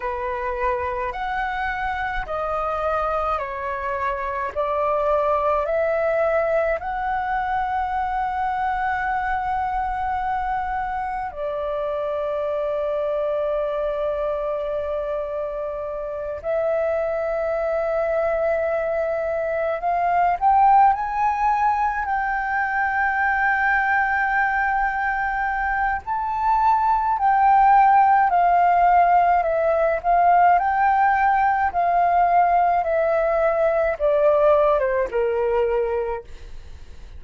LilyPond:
\new Staff \with { instrumentName = "flute" } { \time 4/4 \tempo 4 = 53 b'4 fis''4 dis''4 cis''4 | d''4 e''4 fis''2~ | fis''2 d''2~ | d''2~ d''8 e''4.~ |
e''4. f''8 g''8 gis''4 g''8~ | g''2. a''4 | g''4 f''4 e''8 f''8 g''4 | f''4 e''4 d''8. c''16 ais'4 | }